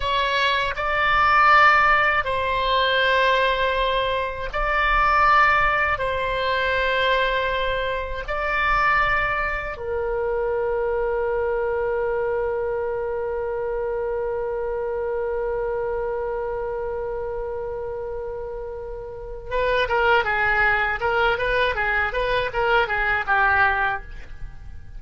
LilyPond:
\new Staff \with { instrumentName = "oboe" } { \time 4/4 \tempo 4 = 80 cis''4 d''2 c''4~ | c''2 d''2 | c''2. d''4~ | d''4 ais'2.~ |
ais'1~ | ais'1~ | ais'2 b'8 ais'8 gis'4 | ais'8 b'8 gis'8 b'8 ais'8 gis'8 g'4 | }